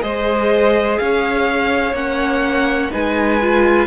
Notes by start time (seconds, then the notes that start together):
0.00 G#3 G#4 C5 D#5
0.99 C#4 C#5 F5
1.93 A#3 C#4 F#5
2.91 G#3 D#4 B4 G#5
3.42 F4